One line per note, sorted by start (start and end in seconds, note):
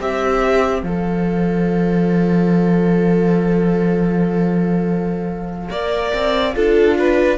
0.00 0.83 C4
0.00 0.85 G4
0.00 5.71 C5
0.00 0.83 E5
0.83 5.69 F3
0.83 5.70 A4
0.83 7.38 F5
5.70 6.13 A#3
5.70 6.54 A#4
5.70 6.56 D5
6.14 6.56 C4
6.54 7.39 D4
6.54 7.38 F4
6.54 6.98 A4
7.00 7.39 B4